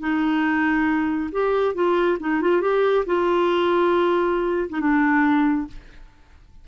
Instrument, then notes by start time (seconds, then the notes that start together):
clarinet
0.00 D#4
1.32 G4
1.75 F4
2.20 D#4
2.42 F4
2.61 G4
3.06 F4
4.70 D#4
4.80 D4